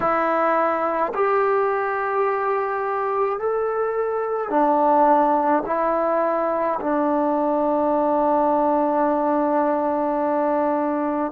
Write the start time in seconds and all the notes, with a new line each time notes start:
0.00 E4
1.13 G4
3.39 A4
4.50 D4
5.66 E4
6.80 D4